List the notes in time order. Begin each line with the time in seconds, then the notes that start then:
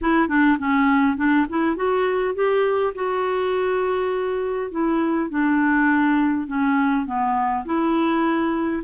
0.01 E4
0.28 D4
0.58 C#4
1.17 D4
1.49 E4
1.76 F#4
2.34 G4
2.94 F#4
4.71 E4
5.30 D4
6.47 C#4
7.06 B3
7.65 E4